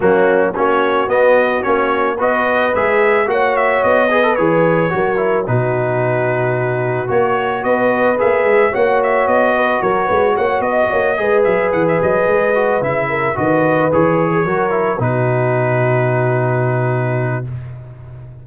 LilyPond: <<
  \new Staff \with { instrumentName = "trumpet" } { \time 4/4 \tempo 4 = 110 fis'4 cis''4 dis''4 cis''4 | dis''4 e''4 fis''8 e''8 dis''4 | cis''2 b'2~ | b'4 cis''4 dis''4 e''4 |
fis''8 e''8 dis''4 cis''4 fis''8 dis''8~ | dis''4 e''8 fis''16 e''16 dis''4. e''8~ | e''8 dis''4 cis''2 b'8~ | b'1 | }
  \new Staff \with { instrumentName = "horn" } { \time 4/4 cis'4 fis'2. | b'2 cis''4. b'8~ | b'4 ais'4 fis'2~ | fis'2 b'2 |
cis''4. b'8 ais'8 b'8 cis''8 dis''8 | cis''8 b'2.~ b'8 | ais'8 b'4.~ b'16 gis'16 ais'4 fis'8~ | fis'1 | }
  \new Staff \with { instrumentName = "trombone" } { \time 4/4 ais4 cis'4 b4 cis'4 | fis'4 gis'4 fis'4. gis'16 a'16 | gis'4 fis'8 e'8 dis'2~ | dis'4 fis'2 gis'4 |
fis'1~ | fis'8 gis'2~ gis'8 fis'8 e'8~ | e'8 fis'4 gis'4 fis'8 e'8 dis'8~ | dis'1 | }
  \new Staff \with { instrumentName = "tuba" } { \time 4/4 fis4 ais4 b4 ais4 | b4 gis4 ais4 b4 | e4 fis4 b,2~ | b,4 ais4 b4 ais8 gis8 |
ais4 b4 fis8 gis8 ais8 b8 | ais8 gis8 fis8 e8 fis8 gis4 cis8~ | cis8 dis4 e4 fis4 b,8~ | b,1 | }
>>